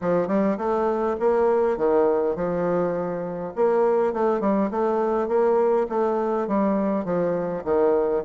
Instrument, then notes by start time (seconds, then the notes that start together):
bassoon
0.01 F3
0.27 G3
0.57 A3
1.19 A#3
1.77 D#3
2.35 F3
3.55 A#3
4.13 A3
4.40 G3
4.70 A3
5.28 A#3
5.89 A3
6.47 G3
7.04 F3
7.64 D#3